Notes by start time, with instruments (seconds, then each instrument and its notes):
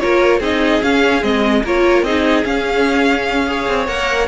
0.00 cello A#3, viola F4, violin A#4 C#5
0.39 cello C4, viola D#4, violin G#4 D#5
0.83 viola C#4, cello C#4, violin F5
1.22 cello G#3, viola C4, violin D#5
1.64 cello A#3, viola F4, violin A#4 C#5
2.03 cello C4, viola D#4, violin G#4 D#5
2.45 viola C#4, cello C#4, violin F5
3.47 viola G#4, violin C#5
3.69 cello C4
3.88 cello A#3, viola A#4, violin F#5